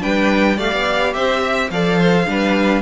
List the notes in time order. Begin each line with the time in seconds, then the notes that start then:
0.00 G3 D4 B4 G5
0.57 A3 G4 D5 F5
0.73 B3
1.14 C4 C5 E5
1.42 E5
1.71 F3 A4 D5 F5
1.98 C5
2.26 G3 D4 B4